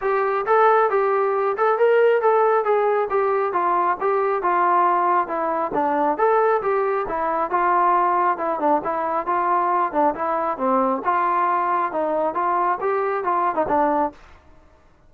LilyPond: \new Staff \with { instrumentName = "trombone" } { \time 4/4 \tempo 4 = 136 g'4 a'4 g'4. a'8 | ais'4 a'4 gis'4 g'4 | f'4 g'4 f'2 | e'4 d'4 a'4 g'4 |
e'4 f'2 e'8 d'8 | e'4 f'4. d'8 e'4 | c'4 f'2 dis'4 | f'4 g'4 f'8. dis'16 d'4 | }